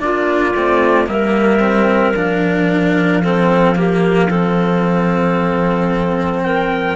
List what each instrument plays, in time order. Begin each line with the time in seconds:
0.00 cello A#3 D4, clarinet F4, trumpet D5
0.55 cello A3 C4
1.06 cello G3 A#3, clarinet A#4, trumpet E5
1.60 cello C4
2.15 cello F3 D4, trumpet F5
3.23 cello C4, clarinet A4
3.76 cello A#3, clarinet G4
4.29 cello C4, clarinet A4
6.44 clarinet A#4, trumpet G5